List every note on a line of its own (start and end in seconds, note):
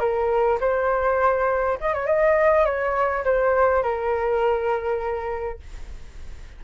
0.00 0.59 A#4
0.61 1.79 C5
1.81 1.94 D#5
1.94 2.07 C#5
2.07 2.66 D#5
2.66 3.25 C#5
3.25 3.83 C5
3.83 5.60 A#4